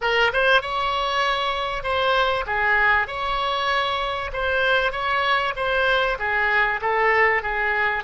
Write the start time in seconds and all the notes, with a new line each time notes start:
0.01 A#4
0.33 C5
0.61 C#5
1.82 C5
2.46 G#4
3.07 C#5
4.32 C5
4.92 C#5
5.56 C5
6.18 G#4
6.81 A4
7.42 G#4